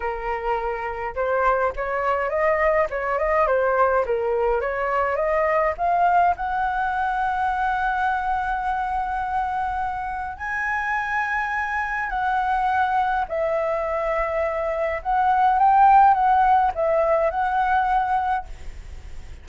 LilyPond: \new Staff \with { instrumentName = "flute" } { \time 4/4 \tempo 4 = 104 ais'2 c''4 cis''4 | dis''4 cis''8 dis''8 c''4 ais'4 | cis''4 dis''4 f''4 fis''4~ | fis''1~ |
fis''2 gis''2~ | gis''4 fis''2 e''4~ | e''2 fis''4 g''4 | fis''4 e''4 fis''2 | }